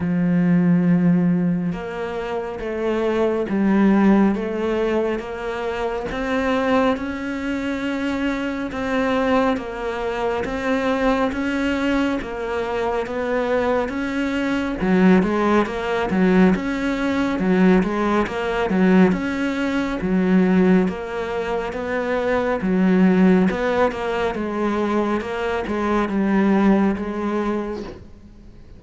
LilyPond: \new Staff \with { instrumentName = "cello" } { \time 4/4 \tempo 4 = 69 f2 ais4 a4 | g4 a4 ais4 c'4 | cis'2 c'4 ais4 | c'4 cis'4 ais4 b4 |
cis'4 fis8 gis8 ais8 fis8 cis'4 | fis8 gis8 ais8 fis8 cis'4 fis4 | ais4 b4 fis4 b8 ais8 | gis4 ais8 gis8 g4 gis4 | }